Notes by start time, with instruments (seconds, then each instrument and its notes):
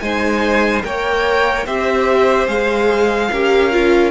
0.00 cello G#3, viola D#4, violin C5 G#5
0.81 cello A#3, viola A#4, violin C#5 G5
1.66 cello C4, viola G4, violin C5 E5
2.48 cello G#3, viola G#4, violin F5
3.32 cello C#4, viola G4, violin A#4
3.71 viola F4